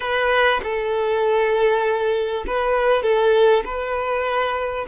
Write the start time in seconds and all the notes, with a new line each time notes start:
0.00 B4
0.63 A4
2.46 B4
3.02 A4
3.64 B4